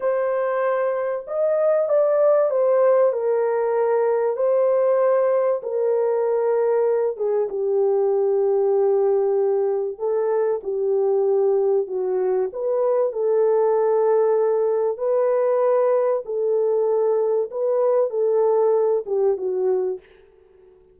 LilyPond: \new Staff \with { instrumentName = "horn" } { \time 4/4 \tempo 4 = 96 c''2 dis''4 d''4 | c''4 ais'2 c''4~ | c''4 ais'2~ ais'8 gis'8 | g'1 |
a'4 g'2 fis'4 | b'4 a'2. | b'2 a'2 | b'4 a'4. g'8 fis'4 | }